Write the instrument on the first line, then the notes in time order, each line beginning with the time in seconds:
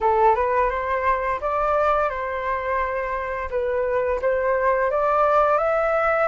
flute
0.01 A4
0.35 B4
0.70 C5
1.40 D5
2.09 C5
3.50 B4
4.21 C5
4.91 D5
5.58 E5